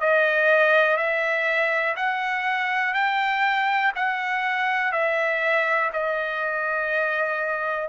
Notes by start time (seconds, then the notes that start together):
0.00 D#5
0.97 E5
1.96 F#5
2.93 G5
3.95 F#5
4.92 E5
5.93 D#5